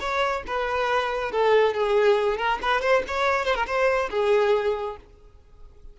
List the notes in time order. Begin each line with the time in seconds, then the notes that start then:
0.00 C#5
0.47 B4
1.32 A4
1.73 G#4
2.37 A#4
2.62 B4
2.81 C5
3.07 C#5
3.45 C5
3.55 A#4
3.66 C5
4.10 G#4